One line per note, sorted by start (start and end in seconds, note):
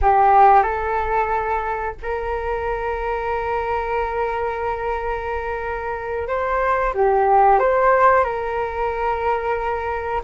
0.01 0.63 G4
0.63 1.95 A4
2.02 6.27 A#4
6.27 6.93 C5
6.94 7.59 G4
7.59 8.24 C5
8.24 10.21 A#4